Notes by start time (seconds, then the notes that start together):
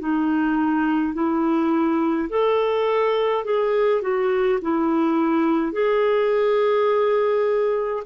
0.00 D#4
1.14 E4
2.30 A4
3.45 G#4
4.02 F#4
4.62 E4
5.73 G#4